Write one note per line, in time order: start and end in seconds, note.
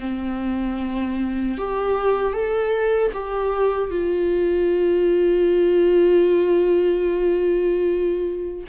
0.00 1.58 C4
1.58 2.33 G4
2.33 3.12 A4
3.13 3.90 G4
3.90 8.64 F4